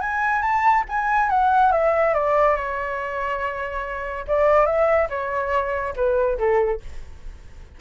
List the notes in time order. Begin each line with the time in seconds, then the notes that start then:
0.00 G#5
0.42 A5
0.89 G#5
1.29 F#5
1.72 E5
2.14 D5
2.56 C#5
4.27 D5
4.66 E5
5.09 C#5
5.96 B4
6.38 A4